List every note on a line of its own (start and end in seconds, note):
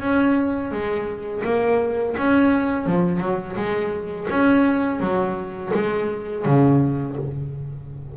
0.00 0.71 C#4
0.71 1.43 G#3
1.44 2.16 A#3
2.18 2.86 C#4
2.86 3.20 F3
3.20 3.56 F#3
3.56 4.28 G#3
4.30 5.00 C#4
5.00 5.72 F#3
5.74 6.45 G#3
6.45 7.17 C#3